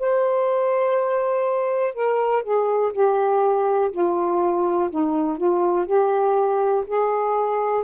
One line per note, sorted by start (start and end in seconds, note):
0.00 1.94 C5
1.94 2.44 A#4
2.44 2.93 G#4
2.93 3.92 G4
3.92 4.90 F4
4.91 5.38 D#4
5.38 5.87 F4
5.87 6.85 G4
6.87 7.85 G#4